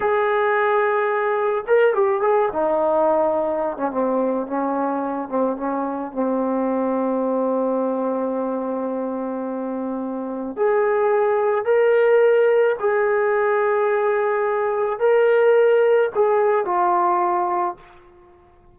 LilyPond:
\new Staff \with { instrumentName = "trombone" } { \time 4/4 \tempo 4 = 108 gis'2. ais'8 g'8 | gis'8 dis'2~ dis'16 cis'16 c'4 | cis'4. c'8 cis'4 c'4~ | c'1~ |
c'2. gis'4~ | gis'4 ais'2 gis'4~ | gis'2. ais'4~ | ais'4 gis'4 f'2 | }